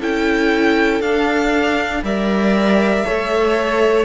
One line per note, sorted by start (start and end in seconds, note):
0.00 1.01 C#4
0.00 1.03 E4
0.00 2.03 A4
0.00 1.01 G5
1.01 2.02 D4
1.01 2.05 D4
1.01 2.03 F5
2.03 3.04 G3
2.03 3.05 A#4
2.03 3.06 D5
2.03 4.05 E5
3.05 4.05 A3
3.05 4.05 A4
3.05 4.05 C#5